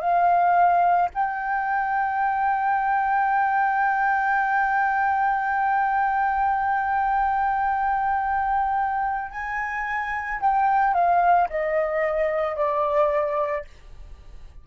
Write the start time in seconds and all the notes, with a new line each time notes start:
0.00 F5
1.14 G5
9.31 G#5
10.40 G5
10.93 F5
11.49 D#5
12.56 D5